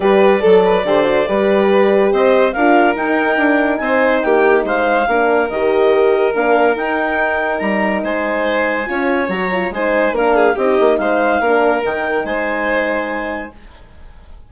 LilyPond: <<
  \new Staff \with { instrumentName = "clarinet" } { \time 4/4 \tempo 4 = 142 d''1~ | d''4 dis''4 f''4 g''4~ | g''4 gis''4 g''4 f''4~ | f''4 dis''2 f''4 |
g''2 ais''4 gis''4~ | gis''2 ais''4 gis''4 | f''4 dis''4 f''2 | g''4 gis''2. | }
  \new Staff \with { instrumentName = "violin" } { \time 4/4 b'4 a'8 b'8 c''4 b'4~ | b'4 c''4 ais'2~ | ais'4 c''4 g'4 c''4 | ais'1~ |
ais'2. c''4~ | c''4 cis''2 c''4 | ais'8 gis'8 g'4 c''4 ais'4~ | ais'4 c''2. | }
  \new Staff \with { instrumentName = "horn" } { \time 4/4 g'4 a'4 g'8 fis'8 g'4~ | g'2 f'4 dis'4~ | dis'1 | d'4 g'2 d'4 |
dis'1~ | dis'4 f'4 fis'8 f'8 dis'4 | d'4 dis'2 d'4 | dis'1 | }
  \new Staff \with { instrumentName = "bassoon" } { \time 4/4 g4 fis4 d4 g4~ | g4 c'4 d'4 dis'4 | d'4 c'4 ais4 gis4 | ais4 dis2 ais4 |
dis'2 g4 gis4~ | gis4 cis'4 fis4 gis4 | ais4 c'8 ais8 gis4 ais4 | dis4 gis2. | }
>>